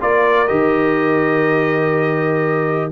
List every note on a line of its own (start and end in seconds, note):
0.00 0.50 A#3
0.00 0.47 F4
0.00 2.91 A#4
0.00 0.47 D5
0.47 2.91 D#3
0.47 2.91 G4
0.47 2.91 D#5